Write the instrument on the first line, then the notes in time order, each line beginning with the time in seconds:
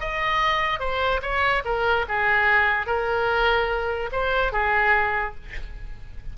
oboe
0.00 D#5
0.80 C5
1.22 C#5
1.65 A#4
2.09 G#4
2.87 A#4
4.12 C5
4.53 G#4